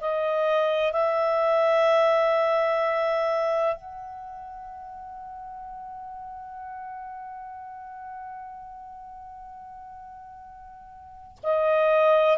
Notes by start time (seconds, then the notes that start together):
0.00 D#5
0.92 E5
3.75 F#5
11.43 D#5